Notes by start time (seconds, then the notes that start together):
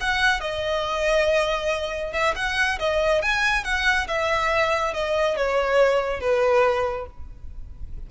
0.00 F#5
0.40 D#5
2.12 E5
2.35 F#5
2.79 D#5
3.22 G#5
3.64 F#5
4.07 E5
4.93 D#5
5.36 C#5
6.20 B4